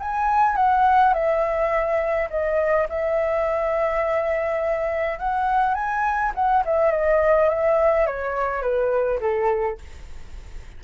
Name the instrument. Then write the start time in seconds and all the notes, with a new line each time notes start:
flute
0.00 G#5
0.56 F#5
1.14 E5
2.30 D#5
2.90 E5
5.19 F#5
5.75 G#5
6.35 F#5
6.65 E5
6.92 D#5
7.49 E5
8.06 C#5
8.62 B4
9.20 A4